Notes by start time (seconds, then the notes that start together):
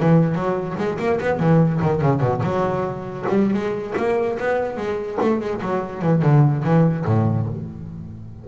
0.00 E3
0.35 F#3
0.78 G#3
0.99 A#3
1.20 B3
1.39 E3
1.82 D#3
2.01 C#3
2.21 B2
2.43 F#3
3.29 G3
3.53 G#3
3.97 A#3
4.39 B3
4.77 G#3
5.22 A3
5.41 G#3
5.62 F#3
6.02 E3
6.22 D3
6.64 E3
7.06 A2